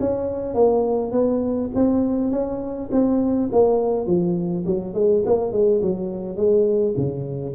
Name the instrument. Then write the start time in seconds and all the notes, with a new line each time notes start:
tuba
0.00 C#4
0.55 A#3
1.12 B3
1.75 C4
2.31 C#4
2.92 C4
3.52 A#3
4.06 F3
4.66 F#3
4.94 G#3
5.26 A#3
5.52 G#3
5.81 F#3
6.37 G#3
6.97 C#3